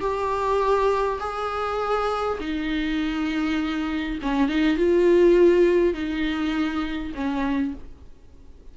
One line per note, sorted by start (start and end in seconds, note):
0.00 1.19 G4
1.20 2.38 G#4
2.40 4.18 D#4
4.22 4.48 C#4
4.48 4.77 D#4
4.77 5.94 F4
5.94 7.13 D#4
7.14 7.74 C#4